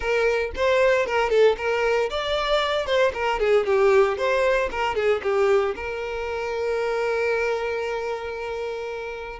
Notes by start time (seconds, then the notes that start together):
0.00 A#4
0.55 C5
1.06 A#4
1.29 A4
1.57 A#4
2.10 D5
2.86 C5
3.13 A#4
3.39 G#4
3.66 G4
4.17 C5
4.71 A#4
4.95 G#4
5.22 G4
5.75 A#4